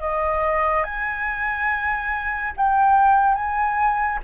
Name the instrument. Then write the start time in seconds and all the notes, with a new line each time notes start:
flute
0.00 D#5
0.84 G#5
2.57 G5
3.35 G#5